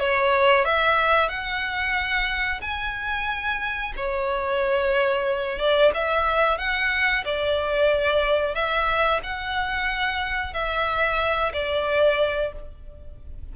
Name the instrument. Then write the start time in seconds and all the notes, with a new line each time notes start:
violin
0.00 C#5
0.65 E5
1.29 F#5
2.62 G#5
3.97 C#5
5.59 D5
5.95 E5
6.58 F#5
7.25 D5
8.55 E5
9.24 F#5
10.54 E5
11.54 D5